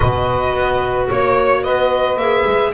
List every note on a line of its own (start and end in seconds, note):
0.00 0.54 B2
0.00 2.18 F#4
0.00 1.07 B4
0.00 1.06 D#5
0.54 1.09 B3
1.07 1.65 A#3
1.07 1.62 C#5
1.07 1.63 C#5
1.62 2.16 B3
1.62 2.71 B4
1.62 2.17 D#5
2.16 2.44 A#3
2.16 2.73 G#4
2.16 2.72 E5
2.45 2.73 G#3